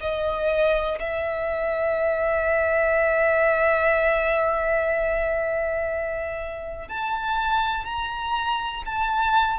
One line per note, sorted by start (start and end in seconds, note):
0.00 0.98 D#5
0.99 6.88 E5
6.88 7.85 A5
7.85 8.83 A#5
8.85 9.59 A5